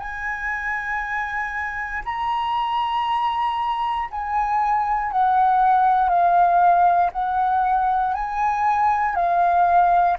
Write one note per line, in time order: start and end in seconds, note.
0.00 2.03 G#5
2.06 4.09 A#5
4.11 5.12 G#5
5.12 6.09 F#5
6.09 7.11 F5
7.13 8.14 F#5
8.14 9.16 G#5
9.16 10.18 F5